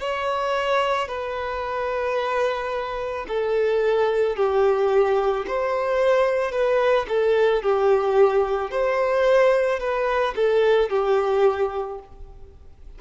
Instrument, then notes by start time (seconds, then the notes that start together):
violin
0.00 C#5
1.08 B4
3.28 A4
4.36 G4
5.47 C5
6.52 B4
7.09 A4
7.63 G4
8.71 C5
9.80 B4
10.36 A4
10.90 G4